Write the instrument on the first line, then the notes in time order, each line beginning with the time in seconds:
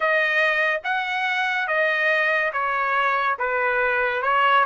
trumpet
0.00 D#5
0.83 F#5
1.67 D#5
2.52 C#5
3.38 B4
4.22 C#5